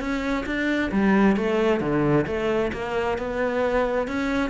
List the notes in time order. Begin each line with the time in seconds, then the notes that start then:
0.00 C#4
0.46 D4
0.92 G3
1.37 A3
1.81 D3
2.27 A3
2.73 A#3
3.18 B3
4.08 C#4